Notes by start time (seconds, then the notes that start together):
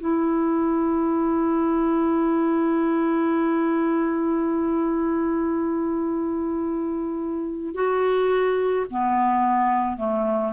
0.00 E4
7.75 F#4
8.90 B3
9.97 A3